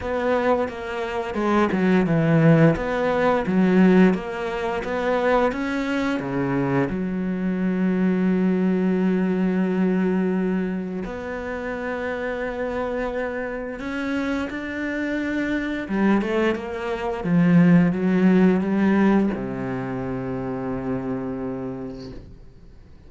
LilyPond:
\new Staff \with { instrumentName = "cello" } { \time 4/4 \tempo 4 = 87 b4 ais4 gis8 fis8 e4 | b4 fis4 ais4 b4 | cis'4 cis4 fis2~ | fis1 |
b1 | cis'4 d'2 g8 a8 | ais4 f4 fis4 g4 | c1 | }